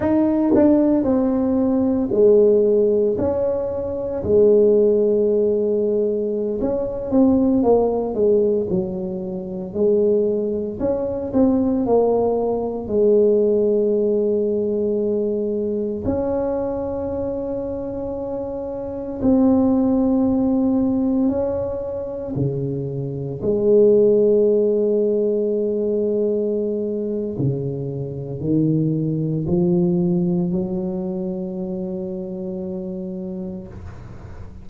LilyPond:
\new Staff \with { instrumentName = "tuba" } { \time 4/4 \tempo 4 = 57 dis'8 d'8 c'4 gis4 cis'4 | gis2~ gis16 cis'8 c'8 ais8 gis16~ | gis16 fis4 gis4 cis'8 c'8 ais8.~ | ais16 gis2. cis'8.~ |
cis'2~ cis'16 c'4.~ c'16~ | c'16 cis'4 cis4 gis4.~ gis16~ | gis2 cis4 dis4 | f4 fis2. | }